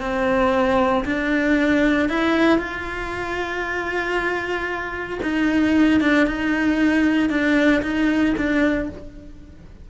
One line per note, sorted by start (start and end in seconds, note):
0.00 1.04 C4
1.05 2.09 D4
2.09 2.58 E4
2.58 5.19 F4
5.23 6.01 D#4
6.01 6.27 D4
6.27 7.29 D#4
7.29 7.82 D4
7.82 8.35 D#4
8.37 8.90 D4